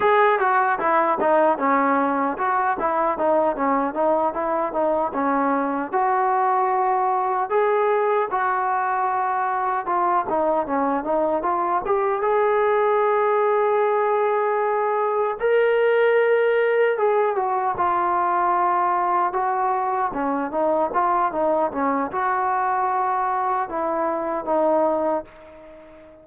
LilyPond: \new Staff \with { instrumentName = "trombone" } { \time 4/4 \tempo 4 = 76 gis'8 fis'8 e'8 dis'8 cis'4 fis'8 e'8 | dis'8 cis'8 dis'8 e'8 dis'8 cis'4 fis'8~ | fis'4. gis'4 fis'4.~ | fis'8 f'8 dis'8 cis'8 dis'8 f'8 g'8 gis'8~ |
gis'2.~ gis'8 ais'8~ | ais'4. gis'8 fis'8 f'4.~ | f'8 fis'4 cis'8 dis'8 f'8 dis'8 cis'8 | fis'2 e'4 dis'4 | }